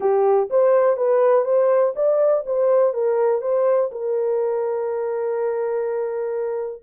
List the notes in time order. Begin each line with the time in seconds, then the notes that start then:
0.00 G4
0.50 C5
0.96 B4
1.44 C5
1.95 D5
2.45 C5
2.93 A#4
3.41 C5
3.91 A#4